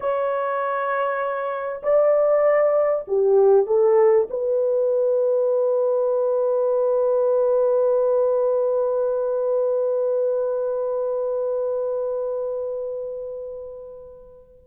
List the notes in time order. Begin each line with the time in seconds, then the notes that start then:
0.00 C#5
1.83 D5
3.08 G4
3.66 A4
4.30 B4